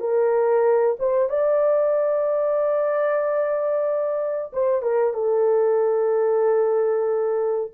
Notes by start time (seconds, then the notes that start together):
0.00 A#4
0.99 C5
1.29 D5
4.52 C5
4.82 A#4
5.13 A4